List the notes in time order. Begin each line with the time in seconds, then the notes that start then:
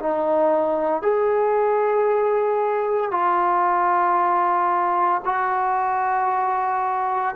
0.00 D#4
1.03 G#4
3.11 F4
5.25 F#4